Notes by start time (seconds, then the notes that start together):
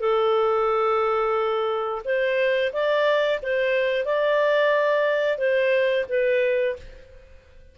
0.00 A4
2.05 C5
2.73 D5
3.43 C5
4.06 D5
5.38 C5
6.09 B4